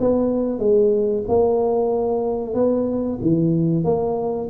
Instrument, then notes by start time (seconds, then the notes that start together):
tuba
0.00 B3
0.59 G#3
1.28 A#3
2.54 B3
3.21 E3
3.84 A#3